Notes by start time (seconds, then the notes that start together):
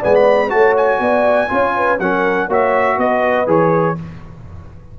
0.00 G#3 B3 D5 G#5
0.15 B5
0.49 A3 F#4 C#5 A5
0.77 G#5
1.00 B3 D5
1.49 C#4 F4 C#5
1.77 B4
2.00 F#3 C#4 A#4 F#5
2.48 A#3 F#4 C#5 E5
2.98 B3 B4 D#5
3.47 E3 G#4 C#5